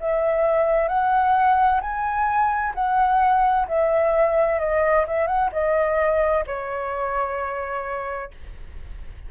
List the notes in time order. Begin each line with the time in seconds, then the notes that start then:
0.00 E5
0.88 F#5
1.81 G#5
2.74 F#5
3.68 E5
4.59 D#5
5.07 E5
5.27 F#5
5.52 D#5
6.47 C#5